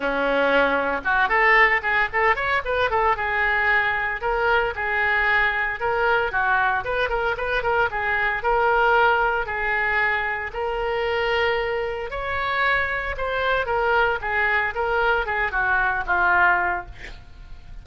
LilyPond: \new Staff \with { instrumentName = "oboe" } { \time 4/4 \tempo 4 = 114 cis'2 fis'8 a'4 gis'8 | a'8 cis''8 b'8 a'8 gis'2 | ais'4 gis'2 ais'4 | fis'4 b'8 ais'8 b'8 ais'8 gis'4 |
ais'2 gis'2 | ais'2. cis''4~ | cis''4 c''4 ais'4 gis'4 | ais'4 gis'8 fis'4 f'4. | }